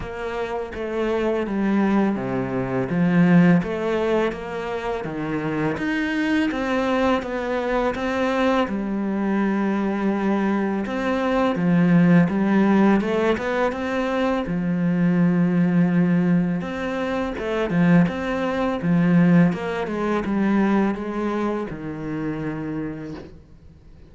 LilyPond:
\new Staff \with { instrumentName = "cello" } { \time 4/4 \tempo 4 = 83 ais4 a4 g4 c4 | f4 a4 ais4 dis4 | dis'4 c'4 b4 c'4 | g2. c'4 |
f4 g4 a8 b8 c'4 | f2. c'4 | a8 f8 c'4 f4 ais8 gis8 | g4 gis4 dis2 | }